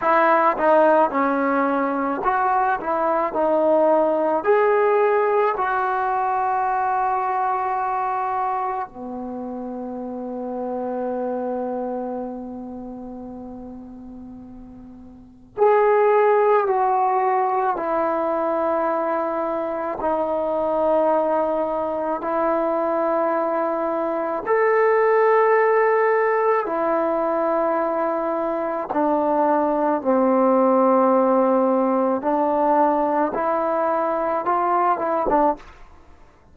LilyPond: \new Staff \with { instrumentName = "trombone" } { \time 4/4 \tempo 4 = 54 e'8 dis'8 cis'4 fis'8 e'8 dis'4 | gis'4 fis'2. | b1~ | b2 gis'4 fis'4 |
e'2 dis'2 | e'2 a'2 | e'2 d'4 c'4~ | c'4 d'4 e'4 f'8 e'16 d'16 | }